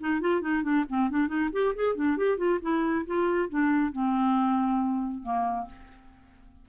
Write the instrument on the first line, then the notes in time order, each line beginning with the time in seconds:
clarinet
0.00 D#4
0.21 F4
0.41 D#4
0.63 D4
0.89 C4
1.10 D4
1.28 D#4
1.52 G4
1.75 G#4
1.95 D4
2.17 G4
2.37 F4
2.62 E4
3.06 F4
3.49 D4
3.92 C4
5.23 A#3